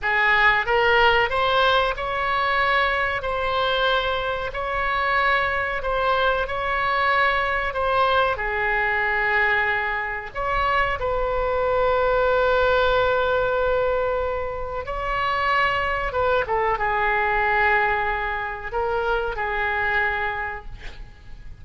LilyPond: \new Staff \with { instrumentName = "oboe" } { \time 4/4 \tempo 4 = 93 gis'4 ais'4 c''4 cis''4~ | cis''4 c''2 cis''4~ | cis''4 c''4 cis''2 | c''4 gis'2. |
cis''4 b'2.~ | b'2. cis''4~ | cis''4 b'8 a'8 gis'2~ | gis'4 ais'4 gis'2 | }